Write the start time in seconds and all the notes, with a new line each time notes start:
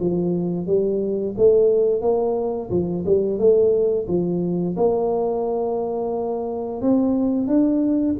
0.00 F3
0.67 G3
1.37 A3
2.01 A#3
2.70 F3
3.06 G3
3.38 A3
4.08 F3
4.77 A#3
6.81 C4
7.47 D4